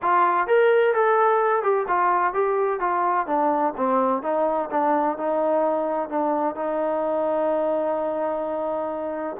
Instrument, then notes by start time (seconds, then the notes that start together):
trombone
0.01 F4
0.47 A#4
0.94 A4
1.63 G4
1.88 F4
2.33 G4
2.80 F4
3.26 D4
3.76 C4
4.22 D#4
4.70 D4
5.17 D#4
6.09 D4
6.55 D#4